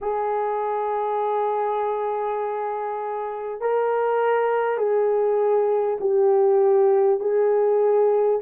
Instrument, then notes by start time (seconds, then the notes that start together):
horn
0.01 G#4
3.61 A#4
4.77 G#4
6.00 G4
7.20 G#4